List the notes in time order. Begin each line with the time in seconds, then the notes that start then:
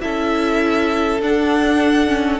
0.00 C#4 E4 A4 E5
1.21 D4 F#5
2.07 C#4